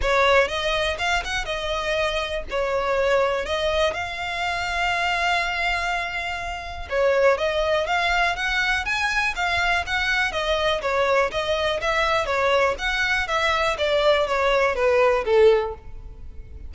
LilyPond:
\new Staff \with { instrumentName = "violin" } { \time 4/4 \tempo 4 = 122 cis''4 dis''4 f''8 fis''8 dis''4~ | dis''4 cis''2 dis''4 | f''1~ | f''2 cis''4 dis''4 |
f''4 fis''4 gis''4 f''4 | fis''4 dis''4 cis''4 dis''4 | e''4 cis''4 fis''4 e''4 | d''4 cis''4 b'4 a'4 | }